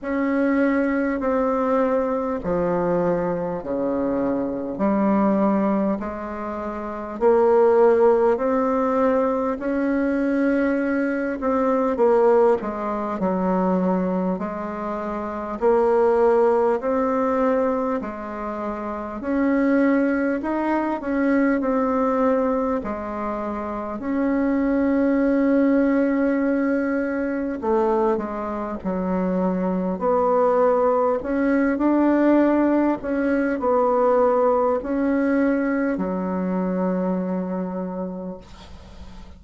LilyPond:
\new Staff \with { instrumentName = "bassoon" } { \time 4/4 \tempo 4 = 50 cis'4 c'4 f4 cis4 | g4 gis4 ais4 c'4 | cis'4. c'8 ais8 gis8 fis4 | gis4 ais4 c'4 gis4 |
cis'4 dis'8 cis'8 c'4 gis4 | cis'2. a8 gis8 | fis4 b4 cis'8 d'4 cis'8 | b4 cis'4 fis2 | }